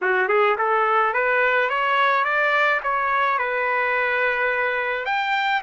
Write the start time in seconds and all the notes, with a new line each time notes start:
0.01 F#4
0.28 G#4
0.58 A4
1.13 B4
1.69 C#5
2.24 D5
2.83 C#5
3.38 B4
5.05 G5